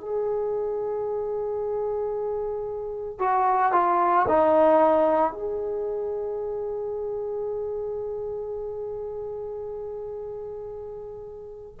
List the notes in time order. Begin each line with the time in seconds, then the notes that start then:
0.00 G#4
3.19 F#4
3.72 F4
4.28 D#4
5.32 G#4